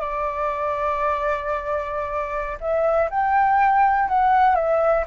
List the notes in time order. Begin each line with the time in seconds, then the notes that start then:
0.00 D5
2.60 E5
3.10 G5
4.08 F#5
4.55 E5